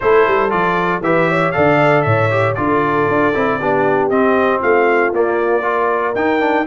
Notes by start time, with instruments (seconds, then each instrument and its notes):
0.00 tuba A3, trombone E4, horn A4, trumpet C5
0.27 tuba G3
0.49 tuba F3, trombone F4, trumpet D5
1.00 tuba E3, trombone G4, horn B4, trumpet E5
1.28 horn C#5
1.51 tuba D3, trombone A4, horn D5, trumpet F5
2.02 tuba A2, horn C#5, trumpet E5
2.30 trombone G4
2.55 tuba D3, trombone F4, horn A4, trumpet D5
3.07 tuba D4
3.34 tuba C4, trombone E4
3.59 tuba B3, trombone D4, horn G4
4.09 tuba C4, trombone C4, trumpet D#5
4.59 tuba A3, horn F4, trumpet F5
5.12 tuba A#3, trombone A#3, trumpet D5
5.62 trombone F4, horn A#4
6.15 tuba D#4, trombone D#4, trumpet G5
6.40 trombone D4